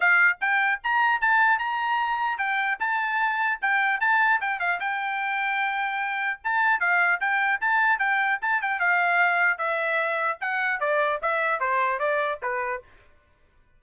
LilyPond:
\new Staff \with { instrumentName = "trumpet" } { \time 4/4 \tempo 4 = 150 f''4 g''4 ais''4 a''4 | ais''2 g''4 a''4~ | a''4 g''4 a''4 g''8 f''8 | g''1 |
a''4 f''4 g''4 a''4 | g''4 a''8 g''8 f''2 | e''2 fis''4 d''4 | e''4 c''4 d''4 b'4 | }